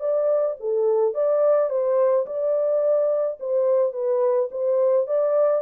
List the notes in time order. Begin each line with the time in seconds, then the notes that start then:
0.00 D5
0.60 A4
1.14 D5
1.70 C5
2.26 D5
3.40 C5
3.93 B4
4.51 C5
5.07 D5